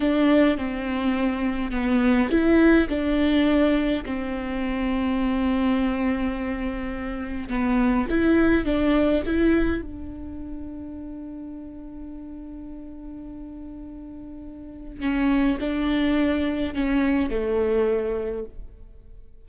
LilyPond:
\new Staff \with { instrumentName = "viola" } { \time 4/4 \tempo 4 = 104 d'4 c'2 b4 | e'4 d'2 c'4~ | c'1~ | c'4 b4 e'4 d'4 |
e'4 d'2.~ | d'1~ | d'2 cis'4 d'4~ | d'4 cis'4 a2 | }